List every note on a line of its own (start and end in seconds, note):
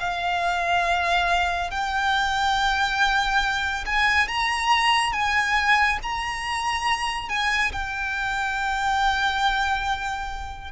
0.00 1.71 F5
1.71 3.85 G5
3.86 4.28 G#5
4.28 5.13 A#5
5.13 5.99 G#5
6.03 7.29 A#5
7.29 7.72 G#5
7.73 10.72 G5